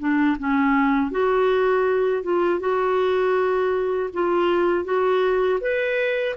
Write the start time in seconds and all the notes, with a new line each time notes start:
0.00 D4
0.39 C#4
1.11 F#4
2.23 F4
2.60 F#4
4.14 F4
4.85 F#4
5.61 B4